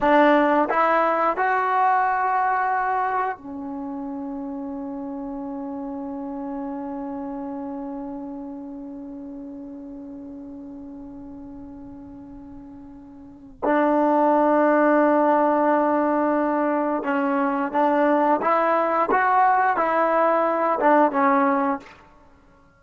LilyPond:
\new Staff \with { instrumentName = "trombone" } { \time 4/4 \tempo 4 = 88 d'4 e'4 fis'2~ | fis'4 cis'2.~ | cis'1~ | cis'1~ |
cis'1 | d'1~ | d'4 cis'4 d'4 e'4 | fis'4 e'4. d'8 cis'4 | }